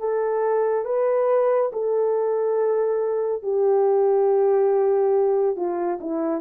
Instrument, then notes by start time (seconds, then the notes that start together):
horn
0.00 A4
0.86 B4
1.73 A4
3.43 G4
5.57 F4
6.01 E4